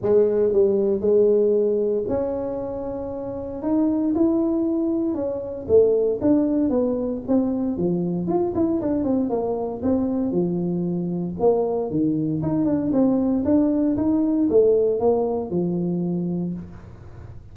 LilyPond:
\new Staff \with { instrumentName = "tuba" } { \time 4/4 \tempo 4 = 116 gis4 g4 gis2 | cis'2. dis'4 | e'2 cis'4 a4 | d'4 b4 c'4 f4 |
f'8 e'8 d'8 c'8 ais4 c'4 | f2 ais4 dis4 | dis'8 d'8 c'4 d'4 dis'4 | a4 ais4 f2 | }